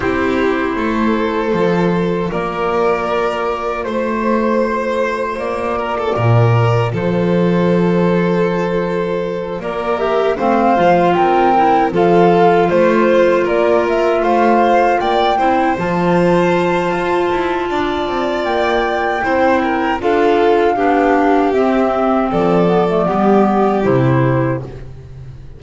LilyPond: <<
  \new Staff \with { instrumentName = "flute" } { \time 4/4 \tempo 4 = 78 c''2. d''4~ | d''4 c''2 d''4~ | d''4 c''2.~ | c''8 d''8 e''8 f''4 g''4 f''8~ |
f''8 c''4 d''8 e''8 f''4 g''8~ | g''8 a''2.~ a''8 | g''2 f''2 | e''4 d''2 c''4 | }
  \new Staff \with { instrumentName = "violin" } { \time 4/4 g'4 a'2 ais'4~ | ais'4 c''2~ c''8 ais'16 a'16 | ais'4 a'2.~ | a'8 ais'4 c''4 ais'4 a'8~ |
a'8 c''4 ais'4 c''4 d''8 | c''2. d''4~ | d''4 c''8 ais'8 a'4 g'4~ | g'4 a'4 g'2 | }
  \new Staff \with { instrumentName = "clarinet" } { \time 4/4 e'2 f'2~ | f'1~ | f'1~ | f'4 g'8 c'8 f'4 e'8 f'8~ |
f'1 | e'8 f'2.~ f'8~ | f'4 e'4 f'4 d'4 | c'4. b16 a16 b4 e'4 | }
  \new Staff \with { instrumentName = "double bass" } { \time 4/4 c'4 a4 f4 ais4~ | ais4 a2 ais4 | ais,4 f2.~ | f8 ais4 a8 f8 c'4 f8~ |
f8 a4 ais4 a4 ais8 | c'8 f4. f'8 e'8 d'8 c'8 | ais4 c'4 d'4 b4 | c'4 f4 g4 c4 | }
>>